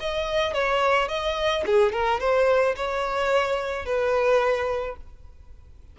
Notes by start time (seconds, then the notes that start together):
0.00 D#5
0.54 C#5
1.09 D#5
1.66 G#4
1.92 A#4
2.20 C5
2.76 C#5
3.86 B4